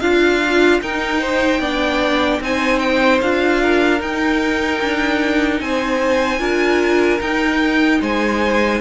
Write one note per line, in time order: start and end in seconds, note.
0.00 0.81 D4
0.00 0.82 F4
0.00 0.80 F5
0.81 1.60 D#4
0.81 1.62 D#4
0.81 1.21 A#4
0.81 2.42 G5
1.21 1.60 C5
1.60 2.40 B3
1.60 2.42 D4
1.60 2.40 D5
2.41 3.21 C4
2.41 3.22 D#4
2.41 3.61 C5
2.41 2.79 G#5
2.79 3.19 G5
3.21 4.01 D4
3.21 3.99 F4
3.21 4.01 F5
3.61 5.61 A#4
3.99 6.39 D#4
3.99 4.81 D#4
3.99 5.61 G5
4.81 5.60 D4
5.60 6.40 C4
5.60 6.39 C5
5.60 7.21 G#5
6.39 7.20 D4
6.39 7.19 F4
6.39 7.99 A#4
7.21 8.01 D#4
7.21 8.81 D#4
7.21 8.02 G5
8.01 8.81 G#3
8.01 8.81 C5
8.01 8.81 G#5